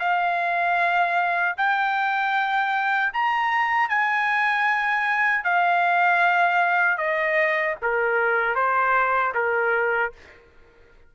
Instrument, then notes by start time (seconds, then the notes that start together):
trumpet
0.00 F5
1.57 G5
3.13 A#5
3.90 G#5
5.44 F5
6.98 D#5
7.82 A#4
8.56 C5
9.35 A#4